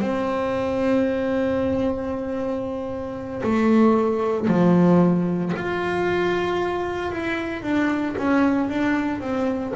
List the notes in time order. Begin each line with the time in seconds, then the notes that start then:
0.00 C4
3.43 A3
4.47 F3
5.56 F4
7.11 E4
7.62 D4
8.17 C#4
8.69 D4
9.20 C4